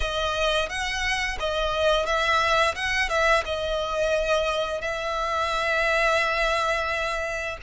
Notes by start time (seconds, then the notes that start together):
0.00 D#5
0.69 F#5
1.39 D#5
2.06 E5
2.75 F#5
3.08 E5
3.45 D#5
4.81 E5